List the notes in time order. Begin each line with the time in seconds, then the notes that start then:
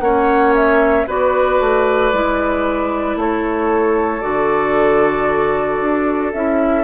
0.00 A#3 C#4 C#5 F#5
0.55 E5
1.07 B3 F#4 B4 D5
1.60 A3
2.12 G#3 E4
3.15 A3 A4 C#5
4.21 D3 F#4 D5
5.80 D4
6.32 C#4 E4 E5